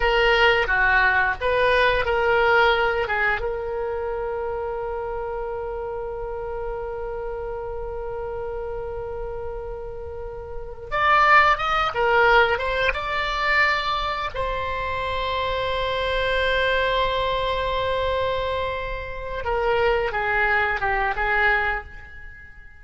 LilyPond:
\new Staff \with { instrumentName = "oboe" } { \time 4/4 \tempo 4 = 88 ais'4 fis'4 b'4 ais'4~ | ais'8 gis'8 ais'2.~ | ais'1~ | ais'1 |
d''4 dis''8 ais'4 c''8 d''4~ | d''4 c''2.~ | c''1~ | c''8 ais'4 gis'4 g'8 gis'4 | }